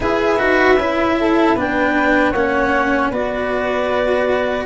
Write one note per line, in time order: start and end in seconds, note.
0.00 0.38 E4
0.00 0.38 G#4
0.00 1.17 B4
0.00 1.58 E5
0.38 0.76 D#4
0.38 0.77 F#4
0.76 1.54 C#4
0.76 1.56 E4
1.20 1.55 A4
1.55 2.32 B3
1.55 2.34 D4
1.55 2.31 B4
1.55 2.32 G5
2.31 3.10 A#3
2.31 3.12 C#4
2.31 3.09 C#5
2.31 3.10 F#5
3.09 4.66 B3
3.09 4.66 F#4
3.09 4.65 B4
3.09 4.66 D5